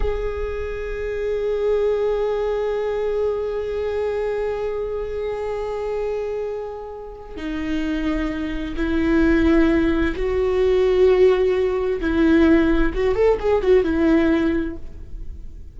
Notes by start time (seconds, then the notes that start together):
0.00 G#4
7.36 D#4
8.76 E4
10.15 F#4
12.00 E4
12.94 F#4
13.14 A4
13.39 G#4
13.62 F#4
13.84 E4